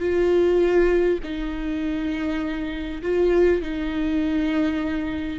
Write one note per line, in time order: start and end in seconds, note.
0.00 1.19 F4
1.24 3.02 D#4
3.02 3.62 F4
3.62 5.40 D#4